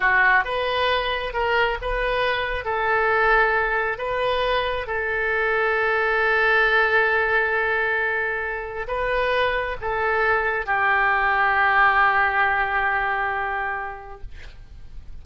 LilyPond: \new Staff \with { instrumentName = "oboe" } { \time 4/4 \tempo 4 = 135 fis'4 b'2 ais'4 | b'2 a'2~ | a'4 b'2 a'4~ | a'1~ |
a'1 | b'2 a'2 | g'1~ | g'1 | }